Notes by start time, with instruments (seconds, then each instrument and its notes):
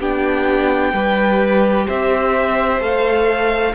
0.00 cello B3, viola D4, violin G4 G5
0.93 cello G3, viola G4, violin B4
1.87 cello C4, violin C5 E5
2.80 cello A3, viola A4, violin F5